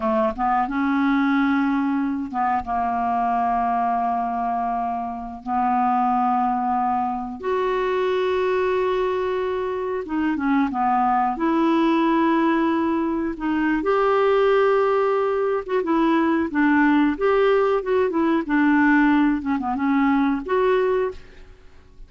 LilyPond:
\new Staff \with { instrumentName = "clarinet" } { \time 4/4 \tempo 4 = 91 a8 b8 cis'2~ cis'8 b8 | ais1~ | ais16 b2. fis'8.~ | fis'2.~ fis'16 dis'8 cis'16~ |
cis'16 b4 e'2~ e'8.~ | e'16 dis'8. g'2~ g'8. fis'16 | e'4 d'4 g'4 fis'8 e'8 | d'4. cis'16 b16 cis'4 fis'4 | }